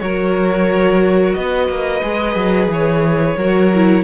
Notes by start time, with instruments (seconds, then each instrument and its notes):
0.00 cello F#3, viola F#4, violin A#4 C#5
1.34 cello B3, violin B4 D#5
1.68 cello A#3
2.02 cello G#3, viola G#4
2.36 cello F#3
2.67 cello E3, violin C#5
3.37 cello F#3, viola F#4, violin A#4
3.74 viola E4